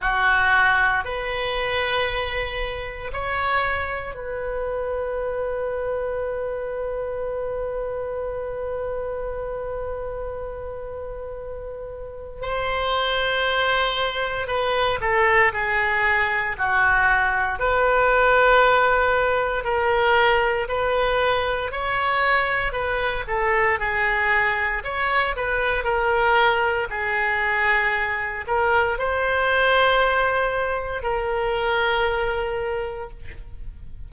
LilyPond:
\new Staff \with { instrumentName = "oboe" } { \time 4/4 \tempo 4 = 58 fis'4 b'2 cis''4 | b'1~ | b'1 | c''2 b'8 a'8 gis'4 |
fis'4 b'2 ais'4 | b'4 cis''4 b'8 a'8 gis'4 | cis''8 b'8 ais'4 gis'4. ais'8 | c''2 ais'2 | }